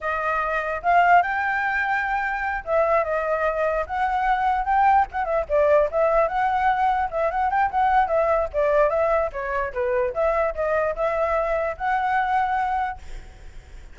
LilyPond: \new Staff \with { instrumentName = "flute" } { \time 4/4 \tempo 4 = 148 dis''2 f''4 g''4~ | g''2~ g''8 e''4 dis''8~ | dis''4. fis''2 g''8~ | g''8 fis''8 e''8 d''4 e''4 fis''8~ |
fis''4. e''8 fis''8 g''8 fis''4 | e''4 d''4 e''4 cis''4 | b'4 e''4 dis''4 e''4~ | e''4 fis''2. | }